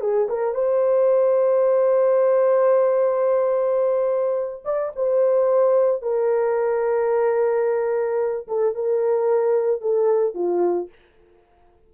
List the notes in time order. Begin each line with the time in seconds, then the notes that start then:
0.00 G#4
0.29 A#4
0.54 C5
4.64 D5
4.95 C5
6.01 A#4
8.47 A4
8.74 A#4
9.81 A4
10.34 F4